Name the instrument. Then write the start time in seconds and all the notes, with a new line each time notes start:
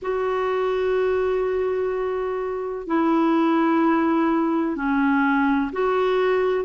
clarinet
0.02 F#4
2.87 E4
4.76 C#4
5.72 F#4